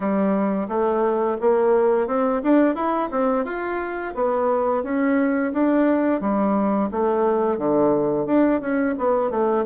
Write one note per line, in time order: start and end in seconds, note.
0.00 0.67 G3
0.68 1.37 A3
1.40 2.07 A#3
2.07 2.41 C4
2.43 2.75 D4
2.75 3.09 E4
3.11 3.45 C4
3.45 4.13 F4
4.14 4.83 B3
4.83 5.52 C#4
5.52 6.20 D4
6.20 6.89 G3
6.91 7.58 A3
7.58 8.26 D3
8.26 8.60 D4
8.61 8.95 C#4
8.97 9.30 B3
9.30 9.64 A3